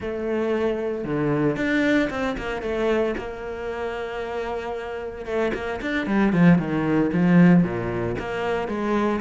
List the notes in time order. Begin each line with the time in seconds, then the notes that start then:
0.00 A3
1.04 D3
1.56 D4
2.10 C4
2.37 A#3
2.62 A3
3.17 A#3
5.25 A3
5.54 A#3
5.81 D4
6.06 G3
6.33 F3
6.58 D#3
7.12 F3
7.63 A#2
8.18 A#3
8.67 G#3